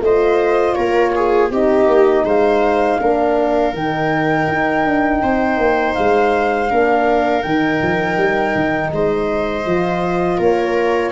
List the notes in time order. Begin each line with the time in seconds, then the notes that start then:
0.00 A3 F4 C5 D#5
0.74 A#3 A#4 C#5
1.15 G#4
1.50 C4 D#4 G4 D#5
1.86 A#3
2.24 G#3 C5 F5
2.99 A#3 D4 A#4
3.73 D#3 D#4 G5
4.48 D#4
4.85 D4
5.22 C4 C5
5.57 A#3
5.94 G#3 F5
6.69 A#3 D4 A#4
7.42 D#3 D#4 G5
7.82 F3
8.17 G3
8.55 D#3
8.92 G#3 C5 D#5
9.65 F3 F4
10.37 A#3 A#4 C#5